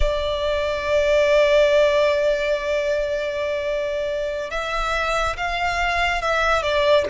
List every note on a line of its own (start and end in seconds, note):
0.00 4.50 D5
4.50 5.36 E5
5.36 6.21 F5
6.21 6.62 E5
6.62 7.05 D5